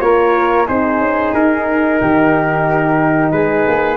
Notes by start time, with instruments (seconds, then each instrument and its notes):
0.00 tuba A#3, horn F4, flute A#4, trumpet C#5
0.66 tuba C4, horn D#4, flute G#4, trumpet C5
0.99 tuba C#4
1.33 tuba D#4, trumpet A#4
2.01 tuba D#3, flute G4
3.31 tuba G#3, flute G#4, trumpet B4
3.67 tuba A#3